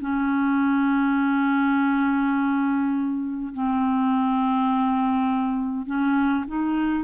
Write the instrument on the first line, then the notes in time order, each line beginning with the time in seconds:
clarinet
0.00 C#4
3.53 C4
5.86 C#4
6.47 D#4